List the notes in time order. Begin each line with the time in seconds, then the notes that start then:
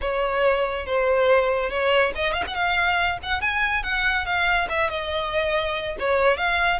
0.01 C#5
0.86 C5
1.69 C#5
2.15 D#5
2.33 F5
2.47 F#5
2.54 F5
3.22 F#5
3.41 G#5
3.83 F#5
4.25 F5
4.69 E5
4.90 D#5
5.99 C#5
6.37 F5